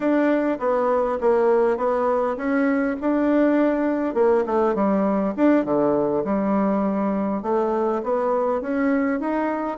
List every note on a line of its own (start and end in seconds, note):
0.00 0.58 D4
0.59 1.18 B3
1.20 1.77 A#3
1.77 2.36 B3
2.36 2.96 C#4
3.00 4.14 D4
4.14 4.44 A#3
4.46 4.74 A3
4.74 5.34 G3
5.36 5.64 D4
5.64 6.24 D3
6.24 7.42 G3
7.42 8.01 A3
8.03 8.61 B3
8.61 9.19 C#4
9.19 9.77 D#4